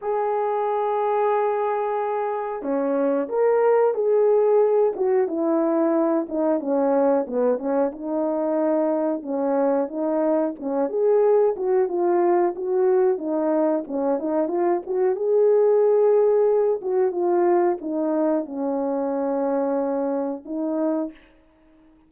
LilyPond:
\new Staff \with { instrumentName = "horn" } { \time 4/4 \tempo 4 = 91 gis'1 | cis'4 ais'4 gis'4. fis'8 | e'4. dis'8 cis'4 b8 cis'8 | dis'2 cis'4 dis'4 |
cis'8 gis'4 fis'8 f'4 fis'4 | dis'4 cis'8 dis'8 f'8 fis'8 gis'4~ | gis'4. fis'8 f'4 dis'4 | cis'2. dis'4 | }